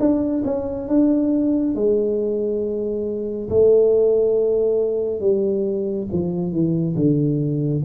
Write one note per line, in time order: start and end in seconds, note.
0.00 0.43 D4
0.45 0.88 C#4
0.88 1.75 D4
1.75 3.49 G#3
3.49 5.21 A3
5.21 6.08 G3
6.12 6.52 F3
6.52 6.96 E3
6.96 7.83 D3